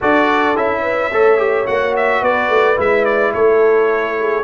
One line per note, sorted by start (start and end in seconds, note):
0.01 0.56 D4
0.01 0.56 F#4
0.01 0.81 A4
0.01 0.57 D5
0.56 1.11 C#4
0.56 1.11 E4
0.56 1.66 E5
0.81 1.09 B4
1.11 1.67 A3
1.11 1.37 A4
1.11 2.22 C#5
1.37 1.65 G4
1.66 2.21 A#3
1.66 2.75 F#4
1.66 1.94 F#5
1.96 2.23 E5
2.21 2.49 B3
2.21 3.33 B4
2.21 2.79 D5
2.49 2.77 A3
2.75 3.33 G#3
2.75 4.42 E4
2.75 3.04 E5
3.04 3.32 D5
3.33 4.43 A3
3.33 4.16 A4
3.33 4.43 C#5
4.20 4.43 G#4